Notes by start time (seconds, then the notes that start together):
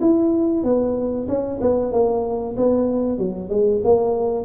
0.00 E4
0.63 B3
1.28 C#4
1.60 B3
1.91 A#3
2.56 B3
3.18 F#3
3.49 G#3
3.83 A#3